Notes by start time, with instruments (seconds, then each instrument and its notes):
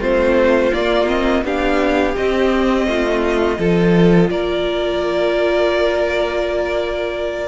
0.00 cello A3, viola C4, violin F4 C5
0.73 viola A#3, cello A#3, violin D5
1.07 viola C4, violin D#5
1.43 cello B3, viola D4, violin G4 F5
2.15 viola C4, cello C4, violin D#5
2.86 cello A3, violin F4
3.58 cello F3, viola F4, violin A4
4.30 cello A#3, violin A#4 D5